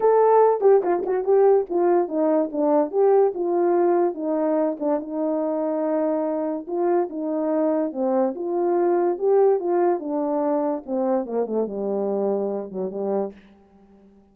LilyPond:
\new Staff \with { instrumentName = "horn" } { \time 4/4 \tempo 4 = 144 a'4. g'8 f'8 fis'8 g'4 | f'4 dis'4 d'4 g'4 | f'2 dis'4. d'8 | dis'1 |
f'4 dis'2 c'4 | f'2 g'4 f'4 | d'2 c'4 ais8 a8 | g2~ g8 fis8 g4 | }